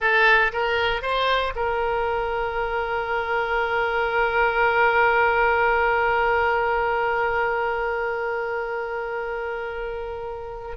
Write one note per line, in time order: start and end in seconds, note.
0.00 0.52 A4
0.52 1.02 A#4
1.02 1.53 C5
1.55 10.76 A#4